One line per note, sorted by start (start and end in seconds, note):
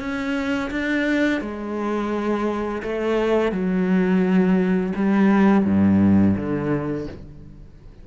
0.00 0.71 C#4
0.71 1.41 D4
1.41 2.83 G#3
2.83 3.52 A3
3.52 4.93 F#3
4.96 5.65 G3
5.65 6.36 G2
6.37 7.07 D3